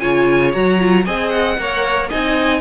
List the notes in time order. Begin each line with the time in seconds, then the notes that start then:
0.00 C#3 F4 C#5 G#5
0.53 F#3 F#4 A#5
0.80 F4
1.05 C4 G#4 D#5 G#5
1.30 F#5
1.58 A#3 A#4 C#5
2.10 C4 D#4 D#5 G#5